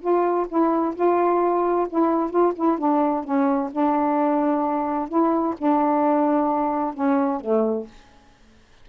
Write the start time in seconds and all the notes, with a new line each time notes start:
0.00 F4
0.48 E4
0.95 F4
1.89 E4
2.30 F4
2.55 E4
2.78 D4
3.24 C#4
3.71 D4
5.08 E4
5.57 D4
6.94 C#4
7.40 A3